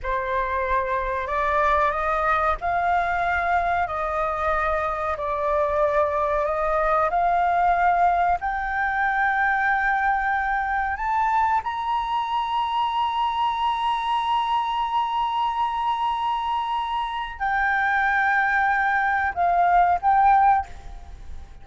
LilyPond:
\new Staff \with { instrumentName = "flute" } { \time 4/4 \tempo 4 = 93 c''2 d''4 dis''4 | f''2 dis''2 | d''2 dis''4 f''4~ | f''4 g''2.~ |
g''4 a''4 ais''2~ | ais''1~ | ais''2. g''4~ | g''2 f''4 g''4 | }